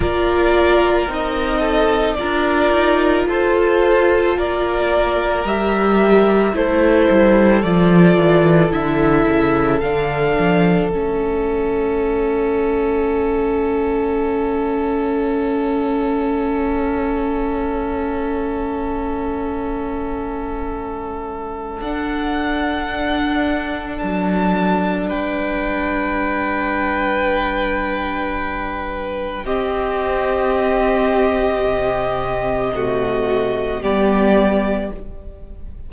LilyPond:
<<
  \new Staff \with { instrumentName = "violin" } { \time 4/4 \tempo 4 = 55 d''4 dis''4 d''4 c''4 | d''4 e''4 c''4 d''4 | e''4 f''4 e''2~ | e''1~ |
e''1 | fis''2 a''4 g''4~ | g''2. dis''4~ | dis''2. d''4 | }
  \new Staff \with { instrumentName = "violin" } { \time 4/4 ais'4. a'8 ais'4 a'4 | ais'2 a'2~ | a'1~ | a'1~ |
a'1~ | a'2. b'4~ | b'2. g'4~ | g'2 fis'4 g'4 | }
  \new Staff \with { instrumentName = "viola" } { \time 4/4 f'4 dis'4 f'2~ | f'4 g'4 e'4 f'4 | e'4 d'4 cis'2~ | cis'1~ |
cis'1 | d'1~ | d'2. c'4~ | c'2 a4 b4 | }
  \new Staff \with { instrumentName = "cello" } { \time 4/4 ais4 c'4 d'8 dis'8 f'4 | ais4 g4 a8 g8 f8 e8 | d8 cis8 d8 f8 a2~ | a1~ |
a1 | d'2 fis4 g4~ | g2. c'4~ | c'4 c2 g4 | }
>>